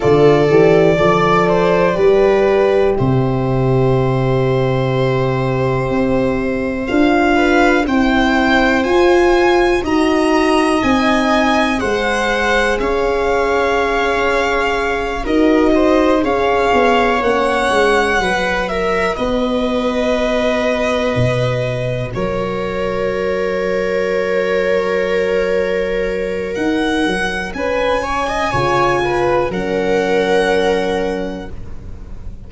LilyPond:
<<
  \new Staff \with { instrumentName = "violin" } { \time 4/4 \tempo 4 = 61 d''2. e''4~ | e''2. f''4 | g''4 gis''4 ais''4 gis''4 | fis''4 f''2~ f''8 dis''8~ |
dis''8 f''4 fis''4. e''8 dis''8~ | dis''2~ dis''8 cis''4.~ | cis''2. fis''4 | gis''2 fis''2 | }
  \new Staff \with { instrumentName = "viola" } { \time 4/4 a'4 d''8 c''8 b'4 c''4~ | c''2.~ c''8 b'8 | c''2 dis''2 | c''4 cis''2~ cis''8 ais'8 |
c''8 cis''2 b'8 ais'8 b'8~ | b'2~ b'8 ais'4.~ | ais'1 | b'8 cis''16 dis''16 cis''8 b'8 ais'2 | }
  \new Staff \with { instrumentName = "horn" } { \time 4/4 f'8 g'8 a'4 g'2~ | g'2. f'4 | e'4 f'4 fis'4 dis'4 | gis'2.~ gis'8 fis'8~ |
fis'8 gis'4 cis'4 fis'4.~ | fis'1~ | fis'1~ | fis'4 f'4 cis'2 | }
  \new Staff \with { instrumentName = "tuba" } { \time 4/4 d8 e8 f4 g4 c4~ | c2 c'4 d'4 | c'4 f'4 dis'4 c'4 | gis4 cis'2~ cis'8 dis'8~ |
dis'8 cis'8 b8 ais8 gis8 fis4 b8~ | b4. b,4 fis4.~ | fis2. dis'8 fis8 | cis'4 cis4 fis2 | }
>>